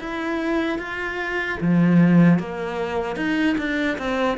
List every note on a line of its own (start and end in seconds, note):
0.00 0.78 E4
0.78 1.58 F4
1.60 2.39 F3
2.39 3.16 A#3
3.16 3.56 D#4
3.58 3.98 D4
3.98 4.37 C4